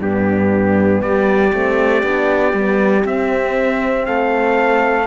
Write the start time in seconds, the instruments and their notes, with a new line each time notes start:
0.00 cello G2, horn B3, flute D4, trumpet G4
1.01 cello G3, flute G4, trumpet D5
1.52 cello A3, horn C4
2.03 cello B3, horn D4
2.53 cello G3, horn B3
3.01 horn C4, cello C4, trumpet E5
4.06 cello A3, flute A4, trumpet F5